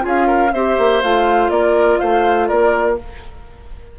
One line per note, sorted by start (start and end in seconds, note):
0.00 0.53 C#4
0.00 0.49 F4
0.00 0.27 G#4
0.07 0.53 F5
0.27 0.51 A#4
0.53 0.77 C4
0.53 1.03 G4
0.53 1.51 C5
0.53 1.02 E5
0.78 1.02 A#3
1.02 1.49 A3
1.02 2.98 F4
1.02 1.50 F5
1.49 1.98 A#3
1.49 2.00 A#4
1.49 1.99 D5
1.99 2.51 A3
1.99 2.48 C5
1.99 2.47 F5
2.47 2.99 A#3
2.47 2.97 A#4
2.47 2.96 D5